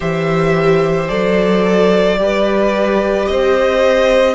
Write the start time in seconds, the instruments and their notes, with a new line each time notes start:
0.00 cello E3, viola G4, violin C5 E5
1.08 cello F#3, viola A4, violin D5
2.17 cello G3, viola G4, violin B4
3.26 cello C4, violin C5 D#5